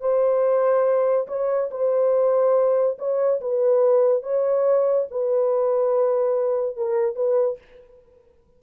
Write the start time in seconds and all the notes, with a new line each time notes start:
0.00 C5
1.27 C#5
1.70 C5
2.98 C#5
3.41 B4
4.22 C#5
5.10 B4
6.76 A#4
7.15 B4